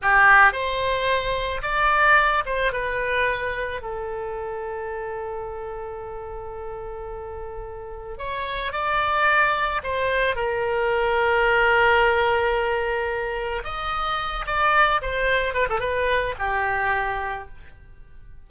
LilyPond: \new Staff \with { instrumentName = "oboe" } { \time 4/4 \tempo 4 = 110 g'4 c''2 d''4~ | d''8 c''8 b'2 a'4~ | a'1~ | a'2. cis''4 |
d''2 c''4 ais'4~ | ais'1~ | ais'4 dis''4. d''4 c''8~ | c''8 b'16 a'16 b'4 g'2 | }